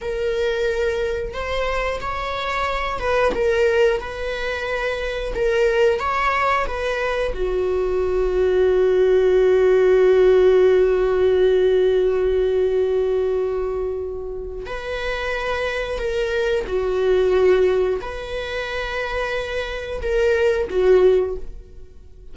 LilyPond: \new Staff \with { instrumentName = "viola" } { \time 4/4 \tempo 4 = 90 ais'2 c''4 cis''4~ | cis''8 b'8 ais'4 b'2 | ais'4 cis''4 b'4 fis'4~ | fis'1~ |
fis'1~ | fis'2 b'2 | ais'4 fis'2 b'4~ | b'2 ais'4 fis'4 | }